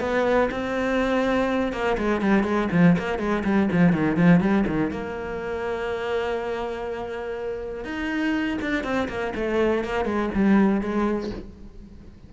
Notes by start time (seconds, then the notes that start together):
0.00 B3
0.51 C4
1.73 A#3
1.98 G#3
2.21 G3
2.43 G#3
2.72 F3
2.98 A#3
3.19 G#3
3.44 G3
3.72 F3
3.92 D#3
4.16 F3
4.40 G3
4.67 D#3
4.91 A#3
7.84 D#4
8.62 D4
8.84 C4
9.09 A#3
9.35 A3
9.84 A#3
10.05 G#3
10.35 G3
10.81 G#3